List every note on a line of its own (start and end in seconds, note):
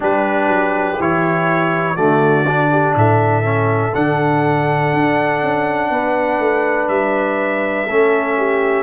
0.00 0.48 G3
0.00 0.97 D4
0.00 1.95 G4
0.00 1.01 B4
0.48 0.97 F#3
0.99 1.97 E3
0.99 1.95 E4
0.99 1.96 C#5
1.95 2.95 D3
1.95 2.45 A3
1.95 2.69 F#4
1.95 2.94 D5
2.47 3.43 D4
2.71 2.96 G4
2.95 3.94 A2
2.95 5.91 A4
2.95 3.94 E5
3.43 3.92 C#4
3.94 4.93 D3
3.94 7.87 D4
3.94 6.88 F#5
4.93 5.42 D4
5.42 5.90 C#4
5.90 6.39 B3
5.90 7.86 B4
6.39 6.88 A3
6.88 7.86 G3
6.88 8.83 E5
7.86 8.83 A3
7.86 8.83 C#4
7.86 8.35 A4
8.37 8.83 G4